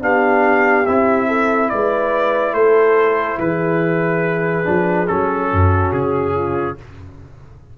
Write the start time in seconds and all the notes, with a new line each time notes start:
0.00 B3 D4 G4 F5
0.86 C4 E4 E5
1.27 A4
1.70 G#3 B4 D5
2.53 A3 A4 C5
3.38 E3 G#4 B4
4.65 F3 D4
5.08 F#3 C#4 A4
5.51 F#2 F#4
5.92 C#3 G#4
6.35 F4